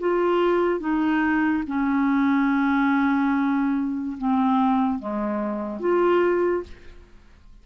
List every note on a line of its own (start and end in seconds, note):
0.00 0.80 F4
0.80 1.64 D#4
1.67 4.17 C#4
4.18 4.99 C4
4.99 5.80 G#3
5.80 6.63 F4